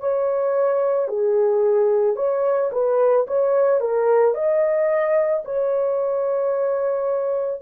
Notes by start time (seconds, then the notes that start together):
0.00 C#5
1.08 G#4
2.16 C#5
2.72 B4
3.27 C#5
3.81 A#4
4.34 D#5
5.45 C#5